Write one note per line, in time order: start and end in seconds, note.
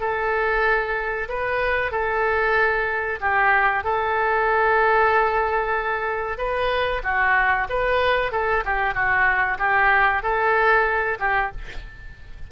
0.00 1.28 A4
1.28 1.91 B4
1.91 3.19 A4
3.20 3.84 G4
3.84 6.37 A4
6.37 7.01 B4
7.03 7.67 F#4
7.69 8.31 B4
8.31 8.63 A4
8.65 8.94 G4
8.94 9.57 F#4
9.58 10.22 G4
10.22 11.18 A4
11.19 11.51 G4